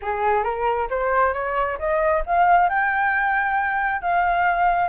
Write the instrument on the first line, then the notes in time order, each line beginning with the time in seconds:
flute
0.02 G#4
0.43 A#4
0.90 C5
1.33 C#5
1.78 D#5
2.26 F5
2.69 G5
4.01 F5